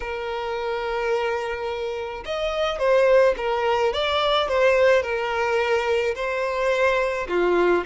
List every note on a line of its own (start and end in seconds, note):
0.00 2.24 A#4
2.25 2.79 D#5
2.79 3.35 C5
3.37 3.93 A#4
3.93 4.48 D5
4.48 5.02 C5
5.02 6.14 A#4
6.15 7.27 C5
7.28 7.84 F4